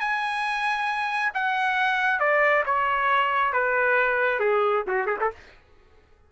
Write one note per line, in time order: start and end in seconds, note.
0.00 1.32 G#5
1.34 2.20 F#5
2.20 2.64 D5
2.66 3.53 C#5
3.53 4.40 B4
4.40 4.84 G#4
4.87 5.07 F#4
5.07 5.18 G#4
5.21 5.32 A4